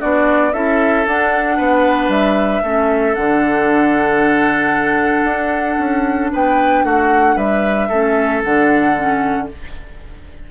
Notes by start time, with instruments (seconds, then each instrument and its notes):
0.00 bassoon B3, clarinet D4, oboe F#4, flute D5
0.53 bassoon C#4, clarinet E4, oboe A4, flute E5
1.07 bassoon D4, clarinet D4, flute F#5
1.58 bassoon B3, oboe B4
2.09 bassoon G3, flute E5
2.64 bassoon A3, clarinet C#4, oboe A4
3.15 bassoon D3, clarinet D4, flute F#5
5.24 bassoon D4
5.79 bassoon C#4
6.33 bassoon B3, oboe B4, flute G5
6.84 bassoon A3, oboe F#4, flute F#5
7.36 bassoon G3, oboe B4, flute E5
7.89 bassoon A3, clarinet C#4, oboe A4
8.44 bassoon D3, clarinet D4, flute F#5
8.96 clarinet C#4